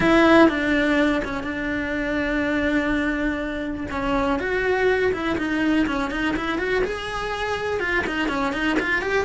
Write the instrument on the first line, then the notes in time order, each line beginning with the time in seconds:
cello
0.00 E4
0.48 D4
1.24 C#4
1.43 D4
3.90 C#4
4.39 F#4
5.13 E4
5.37 D#4
5.86 C#4
6.10 D#4
6.36 E4
6.58 F#4
6.83 G#4
7.80 F4
8.06 D#4
8.28 C#4
8.52 D#4
8.79 F4
9.01 G4